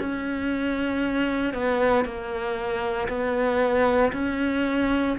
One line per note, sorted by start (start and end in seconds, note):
0.00 1.54 C#4
1.54 2.05 B3
2.05 3.08 A#3
3.09 4.12 B3
4.13 5.17 C#4